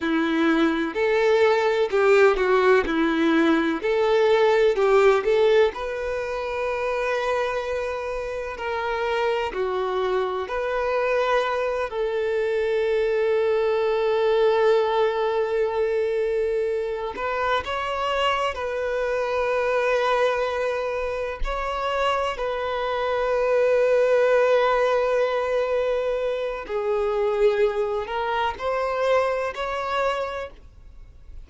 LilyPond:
\new Staff \with { instrumentName = "violin" } { \time 4/4 \tempo 4 = 63 e'4 a'4 g'8 fis'8 e'4 | a'4 g'8 a'8 b'2~ | b'4 ais'4 fis'4 b'4~ | b'8 a'2.~ a'8~ |
a'2 b'8 cis''4 b'8~ | b'2~ b'8 cis''4 b'8~ | b'1 | gis'4. ais'8 c''4 cis''4 | }